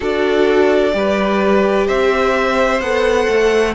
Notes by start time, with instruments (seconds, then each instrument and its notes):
0.00 cello D4, viola F#4, violin A4 D5
0.92 cello G3, viola G4, violin B4
1.87 cello C4, violin C5 E5
2.80 cello B3, viola A4, violin F#5
3.28 cello A3